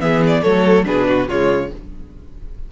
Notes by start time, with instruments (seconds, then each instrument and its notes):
0.00 cello E3, viola B3, violin G#4 E5
0.27 violin D5
0.42 cello F#3, viola A3, violin A4 C#5
0.85 cello B2, viola D4, violin G#4 B4
1.08 violin F#4
1.28 cello C#3, viola G#3, violin F4 C#5